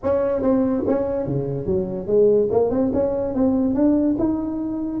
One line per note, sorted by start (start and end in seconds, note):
0.03 0.41 C#4
0.41 0.83 C4
0.87 1.26 C#4
1.26 1.66 C#3
1.66 2.06 F#3
2.06 2.48 G#3
2.51 2.70 A#3
2.70 2.91 C4
2.93 3.34 C#4
3.34 3.74 C4
3.74 4.16 D4
4.18 5.00 D#4